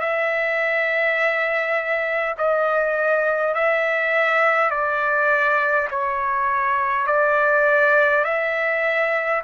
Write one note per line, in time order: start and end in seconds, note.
0.00 2.35 E5
2.37 3.54 D#5
3.54 4.71 E5
4.71 5.88 D5
5.90 7.07 C#5
7.07 8.24 D5
8.24 9.42 E5